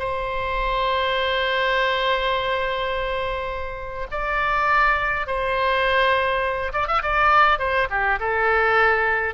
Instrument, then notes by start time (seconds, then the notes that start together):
oboe
0.00 C5
4.12 D5
5.27 C5
6.73 D5
6.88 E5
7.03 D5
7.59 C5
7.90 G4
8.20 A4